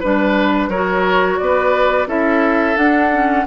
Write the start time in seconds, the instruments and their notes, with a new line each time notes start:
0.00 bassoon G3, clarinet D4, oboe B4, flute B4
0.68 bassoon F#3, clarinet F#4, oboe A#4, flute C#5
1.38 bassoon B3, oboe B4, flute D5
2.07 bassoon C#4, clarinet E4, oboe A4, flute E5
2.76 clarinet D4, bassoon D4, flute F#5
3.12 clarinet C#4